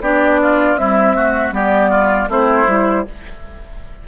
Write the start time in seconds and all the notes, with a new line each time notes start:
0.00 B3 D4 G4 D5
0.42 F4
0.75 G3 C4 E4 E5
1.14 A3 F#4
1.51 G3 B3 G4 D5
1.90 F4
2.28 A3 C4 E4 C5
2.66 G3 E4